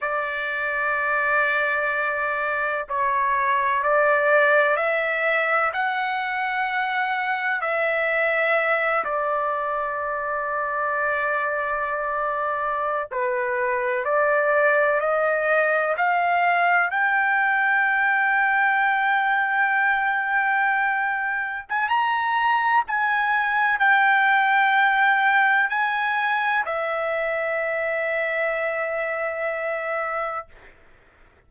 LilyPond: \new Staff \with { instrumentName = "trumpet" } { \time 4/4 \tempo 4 = 63 d''2. cis''4 | d''4 e''4 fis''2 | e''4. d''2~ d''8~ | d''4.~ d''16 b'4 d''4 dis''16~ |
dis''8. f''4 g''2~ g''16~ | g''2~ g''8. gis''16 ais''4 | gis''4 g''2 gis''4 | e''1 | }